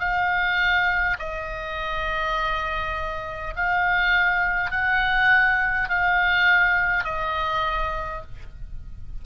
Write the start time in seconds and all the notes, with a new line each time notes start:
0.00 F5
1.19 D#5
3.57 F5
4.72 F#5
5.89 F5
7.04 D#5